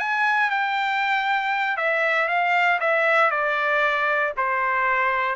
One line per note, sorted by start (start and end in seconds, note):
0.00 0.51 G#5
0.51 1.77 G5
1.77 2.29 E5
2.29 2.80 F5
2.81 3.31 E5
3.31 4.34 D5
4.38 5.36 C5